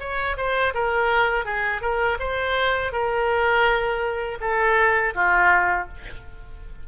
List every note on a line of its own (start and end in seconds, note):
0.00 0.37 C#5
0.37 0.74 C5
0.75 1.45 A#4
1.45 1.82 G#4
1.82 2.18 A#4
2.20 2.92 C5
2.92 4.39 A#4
4.41 5.14 A4
5.15 5.88 F4